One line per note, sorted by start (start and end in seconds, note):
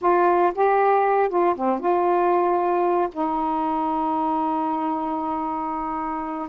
0.01 0.53 F4
0.54 1.29 G4
1.29 1.55 F4
1.55 1.79 C4
1.79 3.08 F4
3.12 6.48 D#4